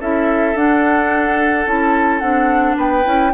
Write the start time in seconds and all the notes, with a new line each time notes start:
0.00 C#4 E4 A4 E5
0.54 D4 F#5
1.66 C#4 E4 A5
2.19 C4 D4 F#5
2.76 B3 B4 G5
3.04 C#4 E4